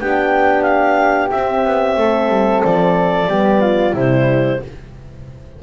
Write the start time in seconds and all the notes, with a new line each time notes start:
0.00 B3 D4 G4 G5
0.63 F5
1.31 C4 E5
1.65 B3
1.97 A3 A4
2.29 G3
2.63 F3 D5
3.28 G3 B3 G4
3.62 F4
3.94 C3 G3 E4 C5